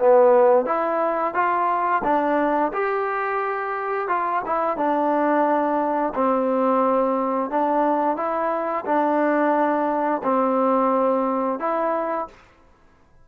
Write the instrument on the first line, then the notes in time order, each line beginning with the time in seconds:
trombone
0.00 B3
0.66 E4
1.35 F4
2.04 D4
2.73 G4
4.08 F4
4.46 E4
4.78 D4
6.15 C4
7.51 D4
8.17 E4
8.86 D4
10.24 C4
11.60 E4